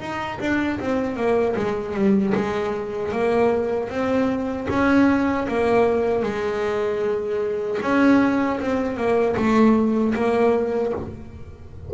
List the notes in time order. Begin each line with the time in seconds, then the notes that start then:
0.00 D#4
0.40 D4
0.80 C4
1.16 A#3
1.56 G#3
1.94 G3
2.35 G#3
3.12 A#3
3.90 C4
4.69 C#4
5.48 A#3
6.23 G#3
7.82 C#4
8.60 C4
8.97 A#3
9.36 A3
10.15 A#3